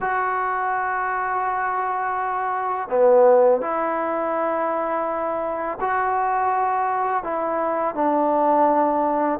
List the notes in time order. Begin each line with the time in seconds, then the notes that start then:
0.00 F#4
2.89 B3
3.61 E4
5.80 F#4
7.23 E4
7.95 D4